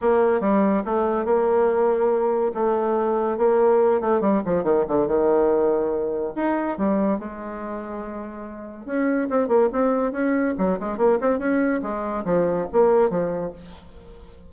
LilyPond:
\new Staff \with { instrumentName = "bassoon" } { \time 4/4 \tempo 4 = 142 ais4 g4 a4 ais4~ | ais2 a2 | ais4. a8 g8 f8 dis8 d8 | dis2. dis'4 |
g4 gis2.~ | gis4 cis'4 c'8 ais8 c'4 | cis'4 fis8 gis8 ais8 c'8 cis'4 | gis4 f4 ais4 f4 | }